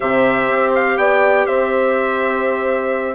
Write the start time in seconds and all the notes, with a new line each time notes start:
0.00 C3 G4 C5 E5
0.50 C4
0.75 F5
0.97 B3 D5 G5
1.46 C4 C5 E5